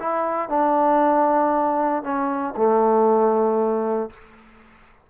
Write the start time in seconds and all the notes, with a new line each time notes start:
0.00 E4
0.49 D4
2.03 C#4
2.57 A3